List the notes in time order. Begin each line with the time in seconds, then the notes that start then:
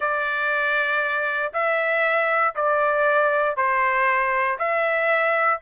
0.00 D5
1.53 E5
2.55 D5
3.56 C5
4.58 E5